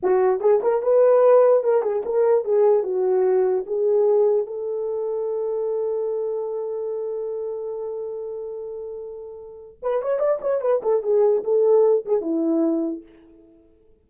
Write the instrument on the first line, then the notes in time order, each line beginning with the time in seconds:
horn
0.02 F#4
0.40 G#4
0.62 A#4
0.82 B4
1.63 A#4
1.82 G#4
2.05 A#4
2.44 G#4
2.83 F#4
3.66 G#4
4.46 A4
9.82 B4
10.02 C#5
10.19 D5
10.41 C#5
10.61 B4
10.82 A4
11.02 G#4
11.44 A4
12.05 G#4
12.21 E4